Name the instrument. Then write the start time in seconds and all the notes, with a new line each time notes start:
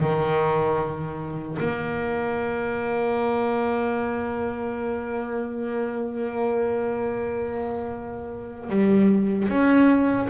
double bass
0.00 D#3
1.60 A#3
8.69 G3
9.48 C#4